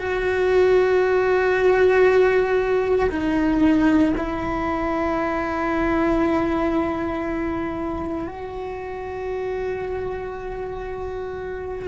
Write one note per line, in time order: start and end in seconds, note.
0.00 3.10 F#4
3.11 4.14 D#4
4.18 8.28 E4
8.28 11.89 F#4